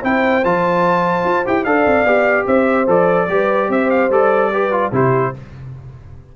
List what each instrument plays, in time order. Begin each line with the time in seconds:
0.00 tuba C4, trombone E4, horn C5, trumpet G5
0.44 tuba F3, trombone F4, trumpet A5
1.24 tuba F4
1.45 tuba E4, trombone G4, trumpet G5
1.64 tuba D4, trombone A4, horn D5, trumpet F5
1.86 tuba C4
2.04 tuba B3, trombone G4
2.46 tuba C4, horn C5, trumpet E5
2.87 tuba F3, trombone A4, trumpet D5
3.28 tuba G3, trombone G4, horn B4
3.69 tuba C4, horn C5, trumpet E5
3.90 trumpet F5
4.09 tuba G3, trombone A4, trumpet D5
4.52 trombone G4, horn B4
4.71 trombone F4
4.92 tuba C3, trombone E4, horn G4, trumpet C5